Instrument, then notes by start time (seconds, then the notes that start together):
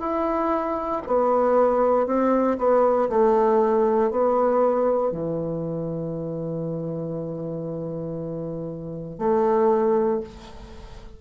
bassoon
0.00 E4
1.07 B3
2.07 C4
2.58 B3
3.09 A3
4.10 B3
5.12 E3
9.18 A3